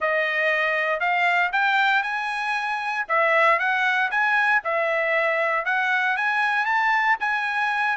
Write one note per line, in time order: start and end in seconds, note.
0.00 1.00 D#5
1.00 1.51 F5
1.52 2.03 G5
2.03 3.05 G#5
3.08 3.59 E5
3.59 4.10 F#5
4.10 4.62 G#5
4.63 5.65 E5
5.65 6.16 F#5
6.17 6.65 G#5
6.65 7.17 A5
7.20 7.97 G#5